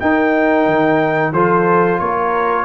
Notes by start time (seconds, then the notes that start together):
0.00 D#4 A#4 G5
0.66 D#3
1.32 F3 F4 A4 C5
1.99 A#3 A#4 C#5